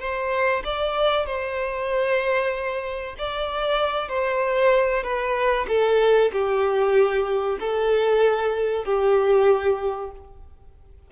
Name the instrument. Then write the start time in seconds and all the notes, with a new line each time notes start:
violin
0.00 C5
0.64 D5
1.26 C5
3.19 D5
4.09 C5
5.04 B4
5.68 A4
6.33 G4
7.60 A4
8.85 G4